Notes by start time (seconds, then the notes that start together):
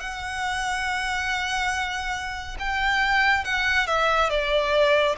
0.00 F#5
2.59 G5
3.44 F#5
3.86 E5
4.29 D5